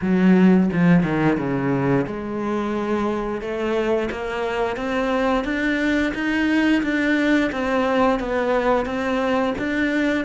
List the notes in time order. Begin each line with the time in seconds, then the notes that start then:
0.01 F#3
0.73 F3
1.03 D#3
1.37 C#3
2.06 G#3
3.41 A3
4.11 A#3
4.76 C4
5.44 D4
6.14 D#4
6.82 D4
7.52 C4
8.19 B3
8.85 C4
9.58 D4